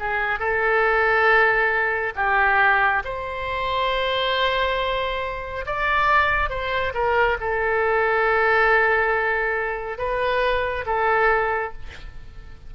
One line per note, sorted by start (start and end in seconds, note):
0.00 0.40 G#4
0.40 2.13 A4
2.16 3.03 G4
3.05 5.66 C5
5.67 6.50 D5
6.50 6.93 C5
6.94 7.38 A#4
7.41 9.98 A4
9.98 10.85 B4
10.87 11.74 A4